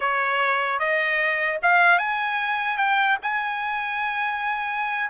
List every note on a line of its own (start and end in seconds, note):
0.00 0.79 C#5
0.79 1.59 D#5
1.62 1.98 F5
1.98 2.77 G#5
2.77 3.17 G5
3.22 5.09 G#5